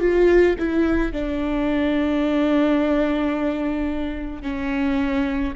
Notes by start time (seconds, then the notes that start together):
0.00 F4
0.59 E4
1.12 D4
4.42 C#4